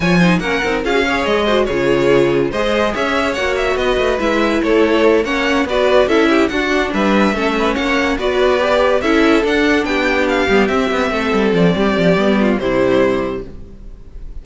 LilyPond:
<<
  \new Staff \with { instrumentName = "violin" } { \time 4/4 \tempo 4 = 143 gis''4 fis''4 f''4 dis''4 | cis''2 dis''4 e''4 | fis''8 e''8 dis''4 e''4 cis''4~ | cis''8 fis''4 d''4 e''4 fis''8~ |
fis''8 e''2 fis''4 d''8~ | d''4. e''4 fis''4 g''8~ | g''8 f''4 e''2 d''8~ | d''2 c''2 | }
  \new Staff \with { instrumentName = "violin" } { \time 4/4 cis''8 c''8 ais'4 gis'8 cis''4 c''8 | gis'2 c''4 cis''4~ | cis''4 b'2 a'4~ | a'8 cis''4 b'4 a'8 g'8 fis'8~ |
fis'8 b'4 a'8 b'8 cis''4 b'8~ | b'4. a'2 g'8~ | g'2~ g'8 a'4. | g'4. f'8 e'2 | }
  \new Staff \with { instrumentName = "viola" } { \time 4/4 f'8 dis'8 cis'8 dis'8 f'16 fis'16 gis'4 fis'8 | f'2 gis'2 | fis'2 e'2~ | e'8 cis'4 fis'4 e'4 d'8~ |
d'4. cis'2 fis'8~ | fis'8 g'4 e'4 d'4.~ | d'4 b8 c'2~ c'8~ | c'4 b4 g2 | }
  \new Staff \with { instrumentName = "cello" } { \time 4/4 f4 ais8 c'8 cis'4 gis4 | cis2 gis4 cis'4 | ais4 b8 a8 gis4 a4~ | a8 ais4 b4 cis'4 d'8~ |
d'8 g4 a4 ais4 b8~ | b4. cis'4 d'4 b8~ | b4 g8 c'8 b8 a8 g8 f8 | g8 f8 g4 c2 | }
>>